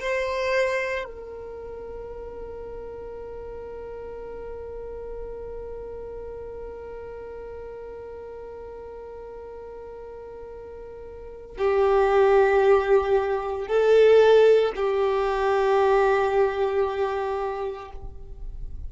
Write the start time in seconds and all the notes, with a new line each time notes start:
0.00 C5
1.04 A#4
11.57 G4
13.67 A4
14.76 G4